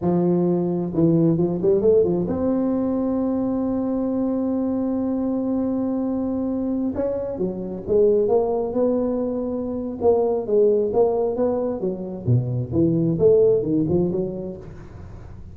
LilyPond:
\new Staff \with { instrumentName = "tuba" } { \time 4/4 \tempo 4 = 132 f2 e4 f8 g8 | a8 f8 c'2.~ | c'1~ | c'2.~ c'16 cis'8.~ |
cis'16 fis4 gis4 ais4 b8.~ | b2 ais4 gis4 | ais4 b4 fis4 b,4 | e4 a4 dis8 f8 fis4 | }